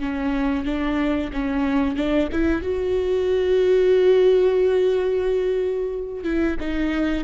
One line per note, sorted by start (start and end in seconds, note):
0.00 0.66 C#4
0.66 1.32 D4
1.33 1.96 C#4
1.96 2.29 D4
2.33 2.62 E4
2.62 6.24 F#4
6.24 6.57 E4
6.61 7.25 D#4